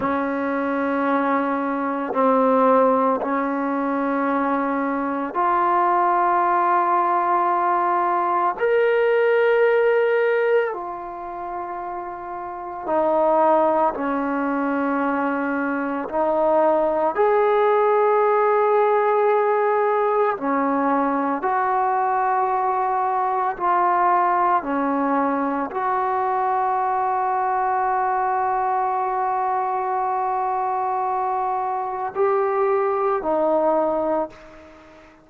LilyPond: \new Staff \with { instrumentName = "trombone" } { \time 4/4 \tempo 4 = 56 cis'2 c'4 cis'4~ | cis'4 f'2. | ais'2 f'2 | dis'4 cis'2 dis'4 |
gis'2. cis'4 | fis'2 f'4 cis'4 | fis'1~ | fis'2 g'4 dis'4 | }